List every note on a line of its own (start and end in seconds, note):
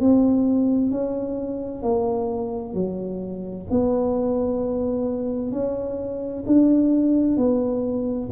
0.00 0.91 C4
0.91 1.82 C#4
1.82 2.74 A#3
2.74 3.66 F#3
3.70 5.52 B3
5.52 6.44 C#4
6.46 7.37 D4
7.37 8.29 B3